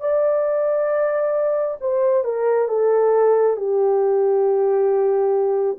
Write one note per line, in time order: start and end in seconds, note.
0.00 1.76 D5
1.80 2.24 C5
2.24 2.68 A#4
2.68 3.56 A4
3.57 5.77 G4